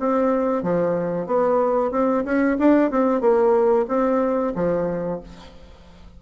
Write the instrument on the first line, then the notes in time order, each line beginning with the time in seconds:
bassoon
0.00 C4
0.63 F3
1.27 B3
1.92 C4
2.25 C#4
2.59 D4
2.91 C4
3.21 A#3
3.88 C4
4.55 F3